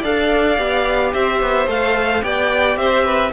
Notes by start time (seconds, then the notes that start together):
0.00 D4 A4 D5 F5
0.57 B3 G4
1.13 C4 C5 E5
1.41 B3
1.66 A3 A4 F5
2.21 B3 G4 D5 G5
2.76 C4 C5 E5
3.04 B4